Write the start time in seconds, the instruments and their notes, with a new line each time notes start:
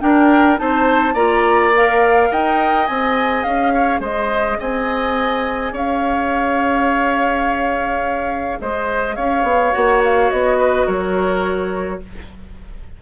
0.00 clarinet D4, bassoon D4, oboe A#4, flute G5
0.56 bassoon C4, clarinet D#4, oboe C5, flute A5
1.14 bassoon A#3, clarinet F4, oboe D5, flute A#5
1.75 clarinet A#4, flute F5
2.31 bassoon D#4, oboe D#5, flute G5
2.86 bassoon C4, clarinet G#4, flute G#5
3.42 bassoon C#4, flute F5
3.73 oboe C#5
3.99 bassoon G#3, oboe C5, flute D#5
4.59 bassoon C4, oboe D#5, flute G#5
5.72 bassoon C#4, oboe C#5, flute F5
8.60 bassoon G#3, oboe C5, flute D#5
9.15 bassoon C#4, oboe C#5, flute F5
9.42 bassoon B3
9.71 bassoon A#3, clarinet F#4, flute F#5
10.04 flute F5
10.30 bassoon B3, flute D#5
10.57 oboe B4
10.86 bassoon F#3, oboe A#4, flute C#5